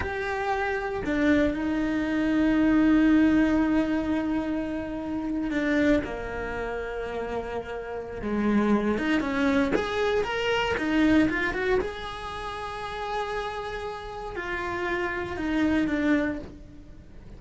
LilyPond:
\new Staff \with { instrumentName = "cello" } { \time 4/4 \tempo 4 = 117 g'2 d'4 dis'4~ | dis'1~ | dis'2~ dis'8. d'4 ais16~ | ais1 |
gis4. dis'8 cis'4 gis'4 | ais'4 dis'4 f'8 fis'8 gis'4~ | gis'1 | f'2 dis'4 d'4 | }